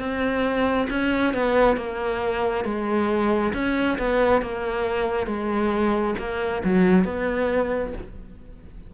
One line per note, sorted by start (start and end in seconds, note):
0.00 0.88 C4
0.90 1.34 C#4
1.34 1.77 B3
1.77 2.65 A#3
2.65 3.53 G#3
3.54 3.98 C#4
3.99 4.42 B3
4.42 5.27 A#3
5.27 6.15 G#3
6.19 6.63 A#3
6.65 7.05 F#3
7.05 7.93 B3